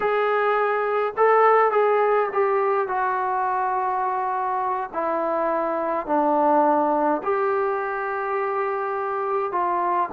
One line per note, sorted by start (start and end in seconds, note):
0.00 1.13 G#4
1.16 1.71 A4
1.71 2.29 G#4
2.32 2.87 G4
2.87 4.89 F#4
4.93 6.06 E4
6.06 7.21 D4
7.23 9.51 G4
9.51 10.09 F4